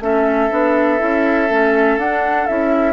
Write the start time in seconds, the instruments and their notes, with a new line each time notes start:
0.00 bassoon A3, clarinet C#4, oboe A4, flute E5
0.50 bassoon B3, clarinet D4
0.99 bassoon C#4, clarinet E4
1.50 bassoon A3, clarinet C#4
1.97 bassoon D4, clarinet D4, flute F#5
2.47 bassoon C#4, clarinet E4, flute E5